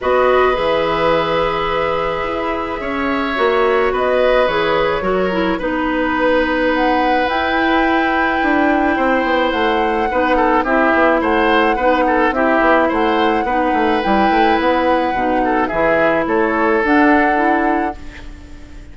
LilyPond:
<<
  \new Staff \with { instrumentName = "flute" } { \time 4/4 \tempo 4 = 107 dis''4 e''2.~ | e''2. dis''4 | cis''2 b'2 | fis''4 g''2.~ |
g''4 fis''2 e''4 | fis''2 e''4 fis''4~ | fis''4 g''4 fis''2 | e''4 cis''4 fis''2 | }
  \new Staff \with { instrumentName = "oboe" } { \time 4/4 b'1~ | b'4 cis''2 b'4~ | b'4 ais'4 b'2~ | b'1 |
c''2 b'8 a'8 g'4 | c''4 b'8 a'8 g'4 c''4 | b'2.~ b'8 a'8 | gis'4 a'2. | }
  \new Staff \with { instrumentName = "clarinet" } { \time 4/4 fis'4 gis'2.~ | gis'2 fis'2 | gis'4 fis'8 e'8 dis'2~ | dis'4 e'2.~ |
e'2 dis'4 e'4~ | e'4 dis'4 e'2 | dis'4 e'2 dis'4 | e'2 d'4 e'4 | }
  \new Staff \with { instrumentName = "bassoon" } { \time 4/4 b4 e2. | e'4 cis'4 ais4 b4 | e4 fis4 b2~ | b4 e'2 d'4 |
c'8 b8 a4 b4 c'8 b8 | a4 b4 c'8 b8 a4 | b8 a8 g8 a8 b4 b,4 | e4 a4 d'2 | }
>>